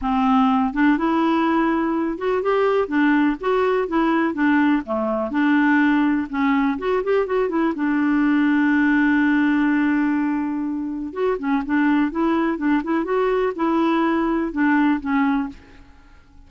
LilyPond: \new Staff \with { instrumentName = "clarinet" } { \time 4/4 \tempo 4 = 124 c'4. d'8 e'2~ | e'8 fis'8 g'4 d'4 fis'4 | e'4 d'4 a4 d'4~ | d'4 cis'4 fis'8 g'8 fis'8 e'8 |
d'1~ | d'2. fis'8 cis'8 | d'4 e'4 d'8 e'8 fis'4 | e'2 d'4 cis'4 | }